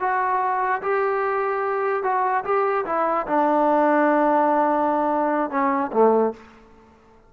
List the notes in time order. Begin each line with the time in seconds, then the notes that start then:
0.00 F#4
0.82 G4
2.03 F#4
2.45 G4
2.86 E4
3.27 D4
5.50 C#4
5.93 A3